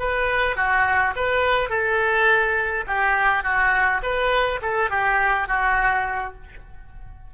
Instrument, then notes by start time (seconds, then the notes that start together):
oboe
0.00 B4
0.57 F#4
1.16 B4
1.70 A4
2.88 G4
3.44 F#4
4.03 B4
4.63 A4
4.91 G4
5.48 F#4